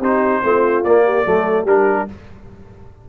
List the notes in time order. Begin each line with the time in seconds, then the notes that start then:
0.00 C4 D#4 G4 C5
0.44 A3 C4 F4
0.84 A#3 D5
1.05 G4
1.26 F#3 A3 A4
1.64 G3 D4 G4 A#4